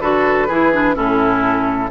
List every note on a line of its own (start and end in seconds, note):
0.00 0.49 D3
0.00 0.49 F#4
0.00 0.47 A4
0.00 0.95 B4
0.47 0.96 E3
0.47 0.72 E4
0.47 0.95 G#4
0.72 0.94 D4
0.94 1.90 A2
0.94 1.89 C#4
0.94 1.90 E4
0.94 1.90 A4